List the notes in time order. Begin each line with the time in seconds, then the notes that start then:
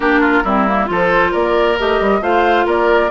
0.00 A#3 D4 G4 A#4
0.20 F4
0.44 G3 C4 E4
0.67 A#3
0.86 F3 F4 A4 C5
1.31 A#3 A#4 D5
1.78 A3 G4 D#5
2.00 G3
2.21 A3 F4 C5 F5
2.66 A#3 A#4 D5